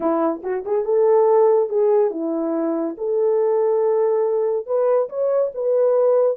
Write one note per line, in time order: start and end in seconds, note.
0.00 0.42 E4
0.43 0.64 F#4
0.65 0.85 G#4
0.85 1.69 A4
1.69 2.10 G#4
2.10 2.96 E4
2.97 4.66 A4
4.66 5.09 B4
5.09 5.51 C#5
5.54 6.37 B4